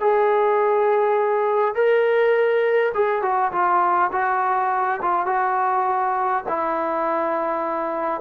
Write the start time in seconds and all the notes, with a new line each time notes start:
0.00 G#4
1.75 A#4
2.94 G#4
3.22 F#4
3.52 F4
4.12 F#4
5.02 F4
5.26 F#4
6.48 E4